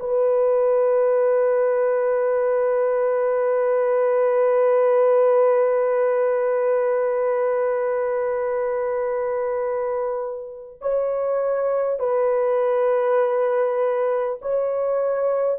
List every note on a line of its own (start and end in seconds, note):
0.00 10.80 B4
10.81 11.99 C#5
11.99 14.39 B4
14.42 15.59 C#5